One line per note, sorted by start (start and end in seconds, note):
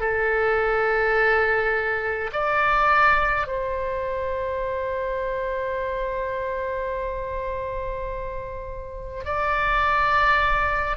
0.00 2.31 A4
2.32 3.47 D5
3.47 9.24 C5
9.25 10.97 D5